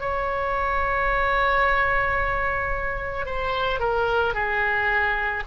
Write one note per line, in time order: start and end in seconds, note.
0.00 3.26 C#5
3.26 3.80 C5
3.80 4.34 A#4
4.34 5.43 G#4